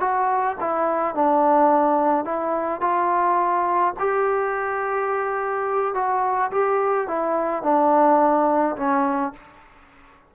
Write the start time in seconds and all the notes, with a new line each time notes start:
0.00 F#4
0.60 E4
1.15 D4
2.25 E4
2.81 F4
3.99 G4
5.95 F#4
6.51 G4
7.08 E4
7.63 D4
8.77 C#4